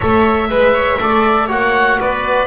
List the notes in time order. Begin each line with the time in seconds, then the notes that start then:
0.00 A3 A4 C#5 E5
0.48 G#3 B4
0.74 C#5
0.99 A3 A4 D5
1.46 A#3 F#4 C#5 F#5
2.00 B3 B4 D5